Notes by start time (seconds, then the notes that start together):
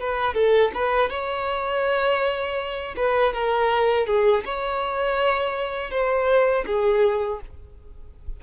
0.00 B4
0.35 A4
0.74 B4
1.10 C#5
2.97 B4
3.34 A#4
4.07 G#4
4.45 C#5
5.91 C5
6.67 G#4